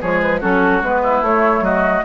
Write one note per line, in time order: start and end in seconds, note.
0.00 0.42 F3
0.00 0.41 G#3
0.00 0.40 G#4
0.00 0.20 C#5
0.20 0.41 B4
0.40 0.82 F#3
0.40 0.82 C#4
0.40 1.01 F#4
0.40 0.82 A4
0.82 1.21 G#3
0.82 1.24 B3
0.82 1.24 B4
1.03 1.64 E4
1.21 1.61 A3
1.21 2.04 A3
1.21 1.64 C#5
1.61 2.01 F#3
1.61 2.04 F#4
1.61 2.04 D#5